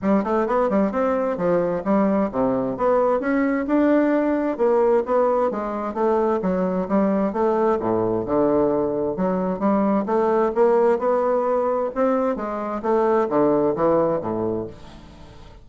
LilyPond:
\new Staff \with { instrumentName = "bassoon" } { \time 4/4 \tempo 4 = 131 g8 a8 b8 g8 c'4 f4 | g4 c4 b4 cis'4 | d'2 ais4 b4 | gis4 a4 fis4 g4 |
a4 a,4 d2 | fis4 g4 a4 ais4 | b2 c'4 gis4 | a4 d4 e4 a,4 | }